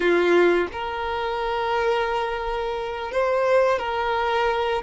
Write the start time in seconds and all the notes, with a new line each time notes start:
0.00 F4
0.72 A#4
3.11 C5
3.79 A#4